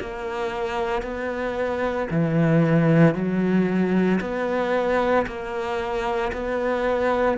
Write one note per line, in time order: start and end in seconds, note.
0.00 1.02 A#3
1.02 2.07 B3
2.11 3.14 E3
3.14 4.20 F#3
4.21 5.26 B3
5.26 6.32 A#3
6.33 7.37 B3